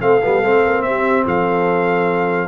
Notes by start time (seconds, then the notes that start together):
0.00 A3 C4 A4 F5
0.22 G3 B3
0.43 A3 C4
0.65 A#3
0.82 C4 G4 E5
1.24 F3 A4 F5